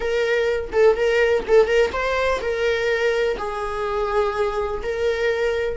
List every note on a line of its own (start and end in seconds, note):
0.00 0.70 A#4
0.72 0.95 A4
0.95 1.43 A#4
1.47 1.66 A4
1.66 1.90 A#4
1.92 2.40 C5
2.41 3.37 A#4
3.38 4.82 G#4
4.82 5.77 A#4